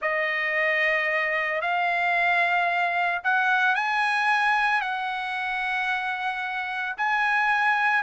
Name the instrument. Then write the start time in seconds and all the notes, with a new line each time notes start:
trumpet
0.01 D#5
1.61 F5
3.23 F#5
3.75 G#5
4.81 F#5
6.97 G#5